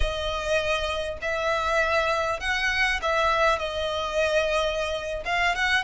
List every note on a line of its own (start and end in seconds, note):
0.00 1.18 D#5
1.21 2.40 E5
2.40 3.00 F#5
3.02 3.58 E5
3.58 5.23 D#5
5.25 5.55 F5
5.55 5.83 F#5